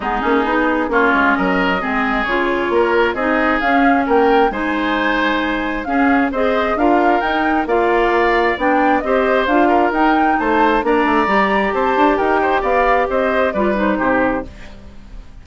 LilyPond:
<<
  \new Staff \with { instrumentName = "flute" } { \time 4/4 \tempo 4 = 133 gis'2 cis''4 dis''4~ | dis''4 cis''2 dis''4 | f''4 g''4 gis''2~ | gis''4 f''4 dis''4 f''4 |
g''4 f''2 g''4 | dis''4 f''4 g''4 a''4 | ais''2 a''4 g''4 | f''4 dis''4 d''8 c''4. | }
  \new Staff \with { instrumentName = "oboe" } { \time 4/4 dis'2 f'4 ais'4 | gis'2 ais'4 gis'4~ | gis'4 ais'4 c''2~ | c''4 gis'4 c''4 ais'4~ |
ais'4 d''2. | c''4. ais'4. c''4 | d''2 c''4 ais'8 c''8 | d''4 c''4 b'4 g'4 | }
  \new Staff \with { instrumentName = "clarinet" } { \time 4/4 b8 cis'8 dis'4 cis'2 | c'4 f'2 dis'4 | cis'2 dis'2~ | dis'4 cis'4 gis'4 f'4 |
dis'4 f'2 d'4 | g'4 f'4 dis'2 | d'4 g'2.~ | g'2 f'8 dis'4. | }
  \new Staff \with { instrumentName = "bassoon" } { \time 4/4 gis8 ais8 b4 ais8 gis8 fis4 | gis4 cis4 ais4 c'4 | cis'4 ais4 gis2~ | gis4 cis'4 c'4 d'4 |
dis'4 ais2 b4 | c'4 d'4 dis'4 a4 | ais8 a8 g4 c'8 d'8 dis'4 | b4 c'4 g4 c4 | }
>>